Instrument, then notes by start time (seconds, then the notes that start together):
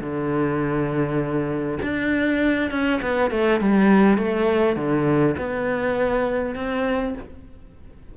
cello
0.00 D3
1.82 D4
2.71 C#4
3.01 B3
3.31 A3
3.60 G3
4.17 A3
4.76 D3
5.37 B3
6.55 C4